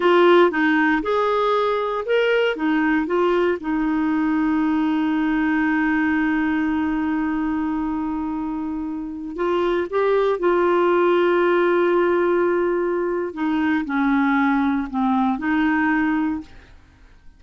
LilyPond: \new Staff \with { instrumentName = "clarinet" } { \time 4/4 \tempo 4 = 117 f'4 dis'4 gis'2 | ais'4 dis'4 f'4 dis'4~ | dis'1~ | dis'1~ |
dis'2~ dis'16 f'4 g'8.~ | g'16 f'2.~ f'8.~ | f'2 dis'4 cis'4~ | cis'4 c'4 dis'2 | }